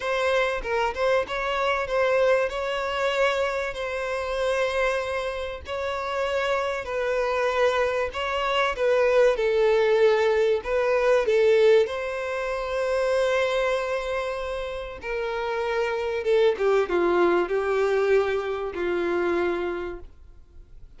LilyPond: \new Staff \with { instrumentName = "violin" } { \time 4/4 \tempo 4 = 96 c''4 ais'8 c''8 cis''4 c''4 | cis''2 c''2~ | c''4 cis''2 b'4~ | b'4 cis''4 b'4 a'4~ |
a'4 b'4 a'4 c''4~ | c''1 | ais'2 a'8 g'8 f'4 | g'2 f'2 | }